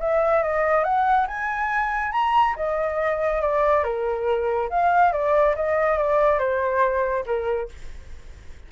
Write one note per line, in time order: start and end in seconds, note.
0.00 0.43 E5
0.43 0.84 D#5
0.84 1.27 F#5
1.27 2.12 G#5
2.12 2.55 A#5
2.56 3.41 D#5
3.41 3.84 D5
3.84 4.69 A#4
4.69 5.12 F5
5.12 5.55 D5
5.55 5.97 D#5
5.97 6.39 D5
6.39 7.24 C5
7.26 7.69 A#4